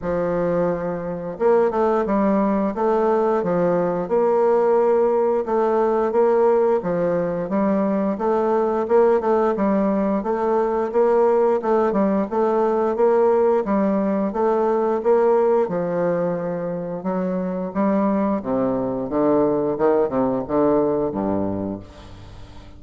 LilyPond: \new Staff \with { instrumentName = "bassoon" } { \time 4/4 \tempo 4 = 88 f2 ais8 a8 g4 | a4 f4 ais2 | a4 ais4 f4 g4 | a4 ais8 a8 g4 a4 |
ais4 a8 g8 a4 ais4 | g4 a4 ais4 f4~ | f4 fis4 g4 c4 | d4 dis8 c8 d4 g,4 | }